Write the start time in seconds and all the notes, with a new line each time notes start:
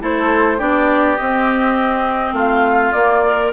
0.00 A3 E4 A4 C5
0.58 B3 D4 G4 D5
1.17 C4 D#5
2.33 A3 F4 F5
2.92 A#3 D5
3.25 A#4